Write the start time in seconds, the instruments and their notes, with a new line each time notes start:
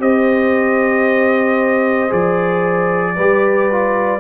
0.00 tuba C4, trombone G4, horn C5, trumpet D#5
2.09 tuba F3, trombone G#4, trumpet D5
3.16 tuba G3, trombone G4, horn B4
3.71 trombone F4